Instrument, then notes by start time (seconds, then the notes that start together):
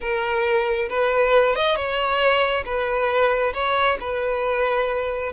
violin
0.00 A#4
0.89 B4
1.55 D#5
1.75 C#5
2.65 B4
3.53 C#5
4.00 B4